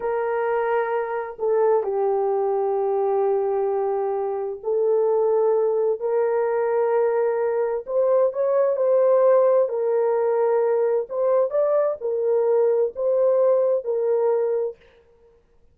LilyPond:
\new Staff \with { instrumentName = "horn" } { \time 4/4 \tempo 4 = 130 ais'2. a'4 | g'1~ | g'2 a'2~ | a'4 ais'2.~ |
ais'4 c''4 cis''4 c''4~ | c''4 ais'2. | c''4 d''4 ais'2 | c''2 ais'2 | }